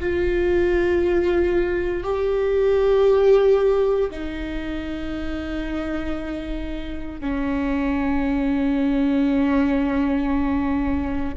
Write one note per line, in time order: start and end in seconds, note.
0.00 2.04 F4
2.04 4.11 G4
4.11 7.21 D#4
7.21 11.35 C#4